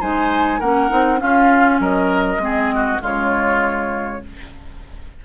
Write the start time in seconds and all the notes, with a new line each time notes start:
0.00 G#3 D#4 C5 G#5
0.60 A#3 C#4 A#4 F#5
0.90 C4 D#4
1.18 C#4 F4 F5
1.80 F#3 A#4 D#5
2.38 G#3 C4
2.44 G#4
2.75 F#4
3.00 C#3 G#3 F4 C#5